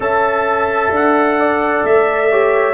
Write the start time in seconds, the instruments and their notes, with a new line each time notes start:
0.00 tuba C#4, trombone A4, horn E5, trumpet A5
0.90 tuba D4, trumpet F#5
1.39 horn D5
1.83 tuba A3, trumpet E5
2.31 trombone G4, horn C#5